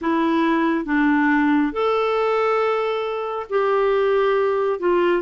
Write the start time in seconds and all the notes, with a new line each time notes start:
0.01 E4
0.85 D4
1.72 A4
3.49 G4
4.79 F4